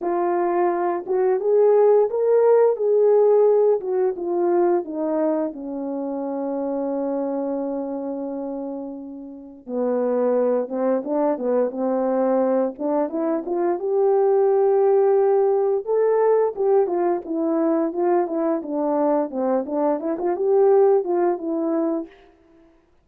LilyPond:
\new Staff \with { instrumentName = "horn" } { \time 4/4 \tempo 4 = 87 f'4. fis'8 gis'4 ais'4 | gis'4. fis'8 f'4 dis'4 | cis'1~ | cis'2 b4. c'8 |
d'8 b8 c'4. d'8 e'8 f'8 | g'2. a'4 | g'8 f'8 e'4 f'8 e'8 d'4 | c'8 d'8 e'16 f'16 g'4 f'8 e'4 | }